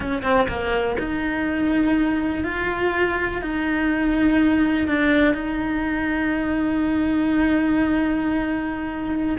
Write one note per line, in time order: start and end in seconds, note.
0.00 0.22 C#4
0.22 0.47 C4
0.48 0.96 A#3
0.98 2.44 D#4
2.44 3.41 F4
3.41 4.87 D#4
4.87 5.33 D4
5.33 9.36 D#4